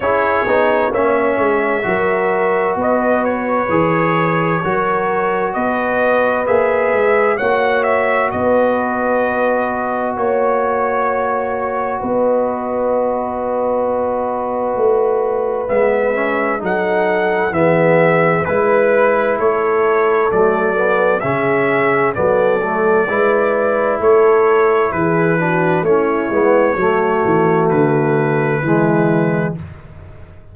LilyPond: <<
  \new Staff \with { instrumentName = "trumpet" } { \time 4/4 \tempo 4 = 65 cis''4 e''2 dis''8 cis''8~ | cis''2 dis''4 e''4 | fis''8 e''8 dis''2 cis''4~ | cis''4 dis''2.~ |
dis''4 e''4 fis''4 e''4 | b'4 cis''4 d''4 e''4 | d''2 cis''4 b'4 | cis''2 b'2 | }
  \new Staff \with { instrumentName = "horn" } { \time 4/4 gis'4 cis''4 ais'4 b'4~ | b'4 ais'4 b'2 | cis''4 b'2 cis''4~ | cis''4 b'2.~ |
b'2 a'4 gis'4 | b'4 a'2 gis'4 | a'4 b'4 a'4 gis'8 fis'8 | e'4 fis'2 e'4 | }
  \new Staff \with { instrumentName = "trombone" } { \time 4/4 e'8 dis'8 cis'4 fis'2 | gis'4 fis'2 gis'4 | fis'1~ | fis'1~ |
fis'4 b8 cis'8 dis'4 b4 | e'2 a8 b8 cis'4 | b8 a8 e'2~ e'8 d'8 | cis'8 b8 a2 gis4 | }
  \new Staff \with { instrumentName = "tuba" } { \time 4/4 cis'8 b8 ais8 gis8 fis4 b4 | e4 fis4 b4 ais8 gis8 | ais4 b2 ais4~ | ais4 b2. |
a4 gis4 fis4 e4 | gis4 a4 fis4 cis4 | fis4 gis4 a4 e4 | a8 gis8 fis8 e8 d4 e4 | }
>>